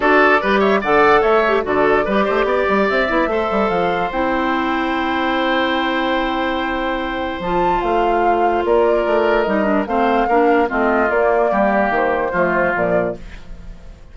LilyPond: <<
  \new Staff \with { instrumentName = "flute" } { \time 4/4 \tempo 4 = 146 d''4. e''8 fis''4 e''4 | d''2. e''4~ | e''4 f''4 g''2~ | g''1~ |
g''2 a''4 f''4~ | f''4 d''2 dis''4 | f''2 dis''4 d''4~ | d''4 c''2 d''4 | }
  \new Staff \with { instrumentName = "oboe" } { \time 4/4 a'4 b'8 cis''8 d''4 cis''4 | a'4 b'8 c''8 d''2 | c''1~ | c''1~ |
c''1~ | c''4 ais'2. | c''4 ais'4 f'2 | g'2 f'2 | }
  \new Staff \with { instrumentName = "clarinet" } { \time 4/4 fis'4 g'4 a'4. g'8 | fis'4 g'2~ g'8 e'8 | a'2 e'2~ | e'1~ |
e'2 f'2~ | f'2. dis'8 d'8 | c'4 d'4 c'4 ais4~ | ais2 a4 f4 | }
  \new Staff \with { instrumentName = "bassoon" } { \time 4/4 d'4 g4 d4 a4 | d4 g8 a8 b8 g8 c'8 b8 | a8 g8 f4 c'2~ | c'1~ |
c'2 f4 a4~ | a4 ais4 a4 g4 | a4 ais4 a4 ais4 | g4 dis4 f4 ais,4 | }
>>